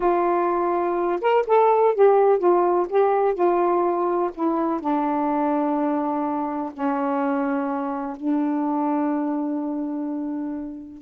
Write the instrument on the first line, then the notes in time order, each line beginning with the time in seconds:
saxophone
0.00 F4
1.21 A#4
1.46 A4
1.94 G4
2.38 F4
2.89 G4
3.34 F4
4.34 E4
4.80 D4
6.73 C#4
8.16 D4